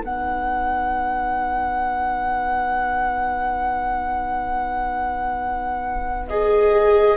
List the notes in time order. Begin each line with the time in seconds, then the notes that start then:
0.00 B3 D#4 B4 F#5
6.28 G#4 D#5